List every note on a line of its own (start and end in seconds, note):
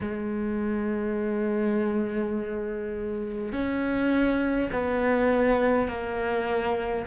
0.01 3.52 G#3
3.52 4.70 C#4
4.72 5.88 B3
5.88 7.05 A#3